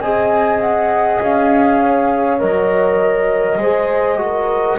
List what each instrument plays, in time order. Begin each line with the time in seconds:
0.00 double bass C4, trombone G#4, horn D#5, flute G#5
0.61 flute F#5
1.21 double bass C#4, flute F5
1.83 horn C#5
2.39 double bass F#3, trombone A#4, flute D#5
3.58 double bass G#3, trombone G#4, horn C5
4.18 trombone F#4, horn A#4